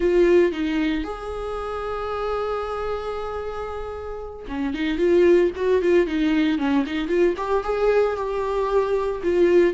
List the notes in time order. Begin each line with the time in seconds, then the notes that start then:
0.00 F4
0.51 D#4
1.04 G#4
4.48 C#4
4.74 D#4
4.98 F4
5.55 F#4
5.82 F4
6.06 D#4
6.58 C#4
6.85 D#4
7.08 F4
7.37 G4
7.63 G#4
8.16 G4
9.23 F4